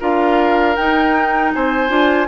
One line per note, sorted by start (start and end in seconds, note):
0.00 0.77 D4
0.00 0.76 F4
0.00 1.52 A#4
0.00 0.76 F5
0.76 1.89 D#4
0.76 1.54 D#4
0.76 1.52 G5
1.54 1.90 C4
1.54 2.28 C5
1.54 2.28 G#5
1.89 2.28 D4
1.89 2.27 F4